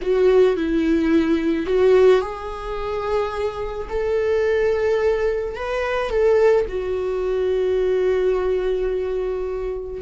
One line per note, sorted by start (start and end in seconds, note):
0.01 0.56 F#4
0.56 1.66 E4
1.66 2.21 F#4
2.21 3.88 G#4
3.89 5.55 A4
5.55 6.10 B4
6.10 6.65 A4
6.68 10.01 F#4